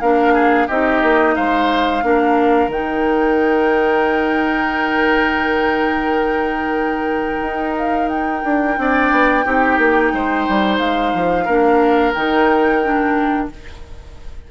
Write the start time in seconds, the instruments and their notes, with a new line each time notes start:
0.00 bassoon A#3, clarinet D4, oboe A#4, flute F5
0.33 oboe G#4
0.67 bassoon C4, clarinet D#4, oboe G4, flute D#5
1.02 bassoon A#3
1.35 bassoon G#3, oboe C5, flute F5
2.02 bassoon A#3, clarinet D4, oboe A#4
2.67 bassoon D#3, clarinet D#4, flute G5
7.41 bassoon D#4
7.77 flute F5
8.09 flute G5
8.43 bassoon D4
8.76 bassoon C4, clarinet D4, oboe D5
9.11 bassoon B3
9.44 bassoon C4, clarinet D#4, oboe G4
9.78 bassoon A#3
10.13 bassoon G#3, oboe C5
10.48 bassoon G3
10.78 bassoon G#3, flute F5
11.13 bassoon F3
11.44 bassoon A#3, clarinet D4, oboe A#4
12.13 bassoon D#3, clarinet D#4, flute G5
12.83 clarinet D4